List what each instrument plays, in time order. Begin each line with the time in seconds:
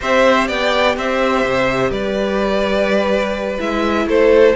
0.01 cello C4, viola G4, violin C5 E5
0.47 cello B3, violin D5 G5
0.96 cello C4, violin C5 E5
1.45 cello C3
1.90 cello G3, violin B4 D5
3.58 cello G#3, viola E4, violin E5
4.06 cello A3, violin A4 C5